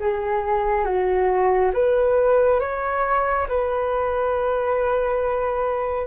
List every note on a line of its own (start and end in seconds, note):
0.00 0.85 G#4
0.85 1.72 F#4
1.74 2.60 B4
2.60 3.47 C#5
3.49 6.08 B4